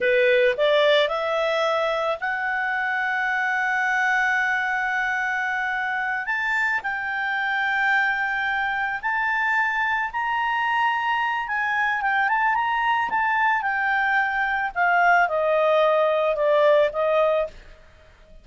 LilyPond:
\new Staff \with { instrumentName = "clarinet" } { \time 4/4 \tempo 4 = 110 b'4 d''4 e''2 | fis''1~ | fis''2.~ fis''8 a''8~ | a''8 g''2.~ g''8~ |
g''8 a''2 ais''4.~ | ais''4 gis''4 g''8 a''8 ais''4 | a''4 g''2 f''4 | dis''2 d''4 dis''4 | }